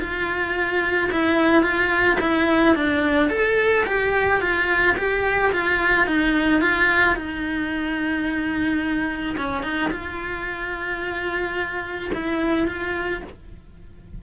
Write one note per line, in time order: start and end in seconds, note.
0.00 1.10 F4
1.11 1.62 E4
1.62 2.17 F4
2.20 2.75 E4
2.75 3.30 D4
3.30 3.85 A4
3.86 4.41 G4
4.41 4.96 F4
4.97 5.52 G4
5.52 6.06 F4
6.06 6.61 D#4
6.61 7.16 F4
7.16 9.36 D#4
9.37 9.63 C#4
9.63 9.90 D#4
9.91 12.11 F4
12.14 12.67 E4
12.67 13.22 F4